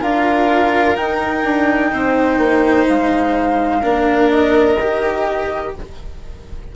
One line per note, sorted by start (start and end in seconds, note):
0.00 0.97 D4
0.00 0.95 F4
0.00 1.90 A#4
0.00 0.96 F5
0.95 3.81 D#4
0.95 1.43 D#4
0.95 2.86 G5
1.43 1.91 D4
1.91 2.37 C4
1.91 3.81 C5
2.37 2.85 A#3
2.88 3.83 G#3
2.88 4.30 F5
3.81 4.77 A#3
3.81 4.77 D4
3.81 5.71 A#4
4.30 5.73 D#5
4.77 5.72 D#3
4.77 5.75 G4